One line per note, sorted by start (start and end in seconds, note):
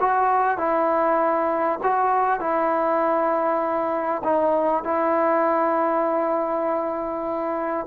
0.00 0.58 F#4
0.58 1.79 E4
1.83 2.40 F#4
2.40 4.22 E4
4.24 4.84 D#4
4.84 7.87 E4